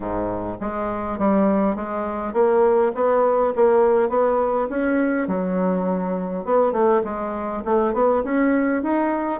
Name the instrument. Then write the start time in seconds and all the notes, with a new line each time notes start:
bassoon
0.00 G#2
0.60 G#3
1.18 G3
1.75 G#3
2.33 A#3
2.94 B3
3.55 A#3
4.09 B3
4.69 C#4
5.27 F#3
6.44 B3
6.72 A3
7.04 G#3
7.64 A3
7.93 B3
8.24 C#4
8.82 D#4